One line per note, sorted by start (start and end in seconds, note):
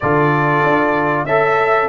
0.00 0.62 D3
0.00 1.28 F4
0.00 1.25 A4
0.00 1.25 D5
0.62 1.25 D4
1.25 1.89 C#4
1.25 1.89 A4
1.25 1.88 E5
1.25 1.89 E5